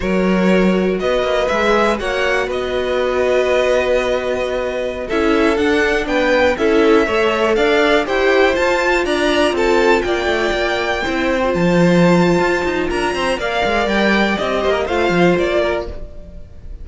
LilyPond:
<<
  \new Staff \with { instrumentName = "violin" } { \time 4/4 \tempo 4 = 121 cis''2 dis''4 e''4 | fis''4 dis''2.~ | dis''2~ dis''16 e''4 fis''8.~ | fis''16 g''4 e''2 f''8.~ |
f''16 g''4 a''4 ais''4 a''8.~ | a''16 g''2. a''8.~ | a''2 ais''4 f''4 | g''4 dis''4 f''4 d''4 | }
  \new Staff \with { instrumentName = "violin" } { \time 4/4 ais'2 b'2 | cis''4 b'2.~ | b'2~ b'16 a'4.~ a'16~ | a'16 b'4 a'4 cis''4 d''8.~ |
d''16 c''2 d''4 a'8.~ | a'16 d''2 c''4.~ c''16~ | c''2 ais'8 c''8 d''4~ | d''4. c''16 ais'16 c''4. ais'8 | }
  \new Staff \with { instrumentName = "viola" } { \time 4/4 fis'2. gis'4 | fis'1~ | fis'2~ fis'16 e'4 d'8.~ | d'4~ d'16 e'4 a'4.~ a'16~ |
a'16 g'4 f'2~ f'8.~ | f'2~ f'16 e'8. f'4~ | f'2. ais'4~ | ais'4 g'4 f'2 | }
  \new Staff \with { instrumentName = "cello" } { \time 4/4 fis2 b8 ais8 gis4 | ais4 b2.~ | b2~ b16 cis'4 d'8.~ | d'16 b4 cis'4 a4 d'8.~ |
d'16 e'4 f'4 d'4 c'8.~ | c'16 ais8 a8 ais4 c'4 f8.~ | f4 f'8 dis'8 d'8 c'8 ais8 gis8 | g4 c'8 ais8 a8 f8 ais4 | }
>>